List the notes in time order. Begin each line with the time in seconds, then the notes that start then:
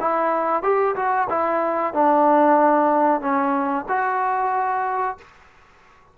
0.00 E4
0.63 G4
0.96 F#4
1.30 E4
1.94 D4
3.21 C#4
3.89 F#4